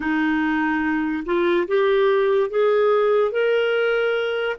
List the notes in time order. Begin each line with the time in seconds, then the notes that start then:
0.00 D#4
1.25 F4
1.67 G4
2.50 G#4
3.31 A#4